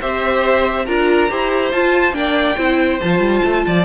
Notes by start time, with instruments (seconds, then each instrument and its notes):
0.00 cello C4, viola G4, violin C5 E5
0.86 cello D4, viola F4, violin A#4 A#5
1.30 cello E4, viola G4, violin C5
1.72 cello F4, viola F4, violin A5
2.13 cello A#3, viola D4, violin D5 G5
2.57 cello C4, viola E4, violin C5
3.00 cello F3, viola F4, violin A5
3.19 cello G3
3.44 cello A3
3.67 cello F3, violin D5